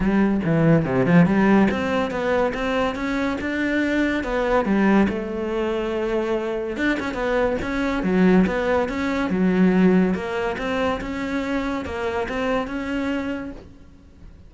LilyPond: \new Staff \with { instrumentName = "cello" } { \time 4/4 \tempo 4 = 142 g4 e4 c8 f8 g4 | c'4 b4 c'4 cis'4 | d'2 b4 g4 | a1 |
d'8 cis'8 b4 cis'4 fis4 | b4 cis'4 fis2 | ais4 c'4 cis'2 | ais4 c'4 cis'2 | }